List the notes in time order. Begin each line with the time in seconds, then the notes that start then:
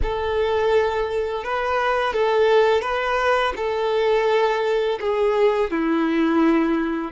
0.02 A4
1.44 B4
2.13 A4
2.81 B4
3.56 A4
5.00 G#4
5.70 E4